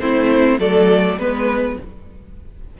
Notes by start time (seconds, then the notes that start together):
0.00 A3 C4 E4 C5
0.58 F#3 A3 A4 D5
1.17 G#3 B3 B4